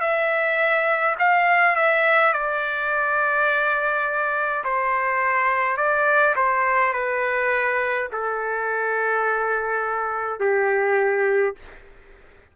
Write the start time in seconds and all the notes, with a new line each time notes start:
0.00 E5
1.19 F5
1.76 E5
2.33 D5
4.64 C5
5.76 D5
6.36 C5
6.93 B4
8.12 A4
10.40 G4